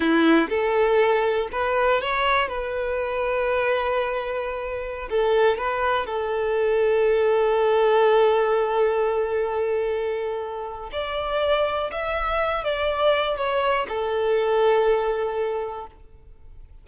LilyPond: \new Staff \with { instrumentName = "violin" } { \time 4/4 \tempo 4 = 121 e'4 a'2 b'4 | cis''4 b'2.~ | b'2~ b'16 a'4 b'8.~ | b'16 a'2.~ a'8.~ |
a'1~ | a'2 d''2 | e''4. d''4. cis''4 | a'1 | }